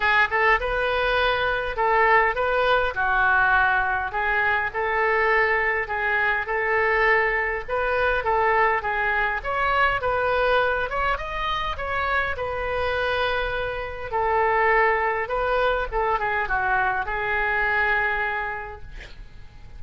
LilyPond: \new Staff \with { instrumentName = "oboe" } { \time 4/4 \tempo 4 = 102 gis'8 a'8 b'2 a'4 | b'4 fis'2 gis'4 | a'2 gis'4 a'4~ | a'4 b'4 a'4 gis'4 |
cis''4 b'4. cis''8 dis''4 | cis''4 b'2. | a'2 b'4 a'8 gis'8 | fis'4 gis'2. | }